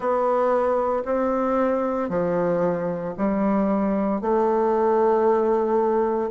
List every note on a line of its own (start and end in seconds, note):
0.00 1.02 B3
1.05 2.09 C4
2.09 3.14 F3
3.17 4.21 G3
4.21 6.30 A3